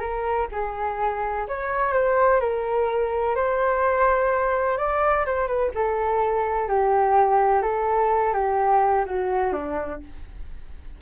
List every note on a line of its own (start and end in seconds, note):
0.00 0.48 A#4
0.52 1.47 G#4
1.48 1.93 C#5
1.93 2.40 C5
2.40 3.35 A#4
3.36 4.78 C5
4.78 5.25 D5
5.26 5.47 C5
5.47 5.71 B4
5.75 6.68 A4
6.68 7.62 G4
7.62 8.33 A4
8.33 9.05 G4
9.06 9.53 F#4
9.53 10.00 D4